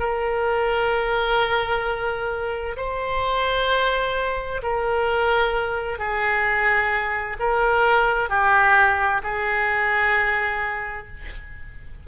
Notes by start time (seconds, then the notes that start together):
0.00 A#4
2.77 C5
4.63 A#4
5.99 G#4
7.40 A#4
8.30 G4
9.23 G#4